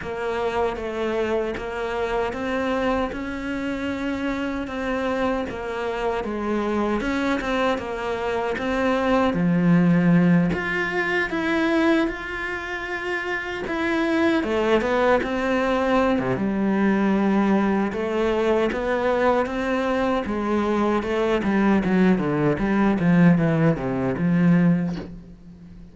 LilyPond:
\new Staff \with { instrumentName = "cello" } { \time 4/4 \tempo 4 = 77 ais4 a4 ais4 c'4 | cis'2 c'4 ais4 | gis4 cis'8 c'8 ais4 c'4 | f4. f'4 e'4 f'8~ |
f'4. e'4 a8 b8 c'8~ | c'8. c16 g2 a4 | b4 c'4 gis4 a8 g8 | fis8 d8 g8 f8 e8 c8 f4 | }